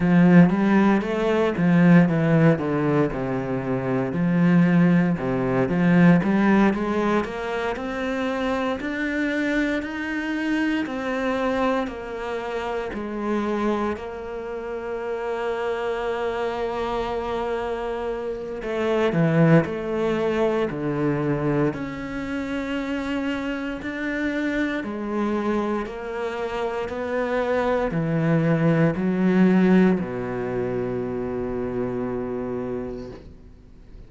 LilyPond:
\new Staff \with { instrumentName = "cello" } { \time 4/4 \tempo 4 = 58 f8 g8 a8 f8 e8 d8 c4 | f4 c8 f8 g8 gis8 ais8 c'8~ | c'8 d'4 dis'4 c'4 ais8~ | ais8 gis4 ais2~ ais8~ |
ais2 a8 e8 a4 | d4 cis'2 d'4 | gis4 ais4 b4 e4 | fis4 b,2. | }